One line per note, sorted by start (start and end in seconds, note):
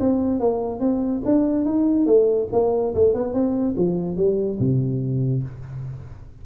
0.00 0.40 C4
0.40 0.80 A#3
0.80 1.22 C4
1.25 1.65 D4
1.65 2.06 D#4
2.06 2.48 A3
2.53 2.94 A#3
2.95 3.14 A3
3.14 3.33 B3
3.33 3.75 C4
3.77 4.17 F3
4.17 4.59 G3
4.59 5.43 C3